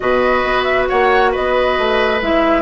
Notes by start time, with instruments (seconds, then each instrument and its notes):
0.00 bassoon B2, clarinet F#4, oboe B4, flute D#5
0.44 bassoon B3
0.63 flute E5
0.89 bassoon A#3, oboe C#5, flute F#5
1.31 bassoon B3, oboe B4, flute D#5
1.78 bassoon A3
2.21 bassoon G#3, clarinet E4, flute E5